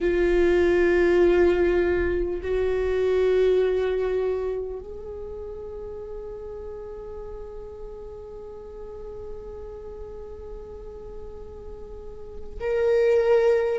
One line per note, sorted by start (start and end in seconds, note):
0.01 2.41 F4
2.42 4.79 F#4
4.79 12.59 G#4
12.60 13.79 A#4